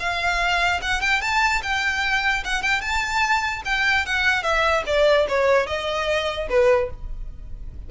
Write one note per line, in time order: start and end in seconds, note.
0.00 0.81 F5
0.82 1.01 F#5
1.01 1.22 G5
1.22 1.62 A5
1.63 2.44 G5
2.45 2.62 F#5
2.62 2.82 G5
2.82 3.63 A5
3.65 4.06 G5
4.06 4.43 F#5
4.43 4.84 E5
4.86 5.27 D5
5.29 5.67 C#5
5.67 6.48 D#5
6.50 6.90 B4